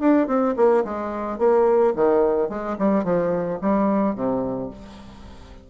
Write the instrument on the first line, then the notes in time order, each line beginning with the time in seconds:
bassoon
0.00 D4
0.27 C4
0.56 A#3
0.84 G#3
1.38 A#3
1.95 D#3
2.49 G#3
2.78 G3
3.04 F3
3.61 G3
4.15 C3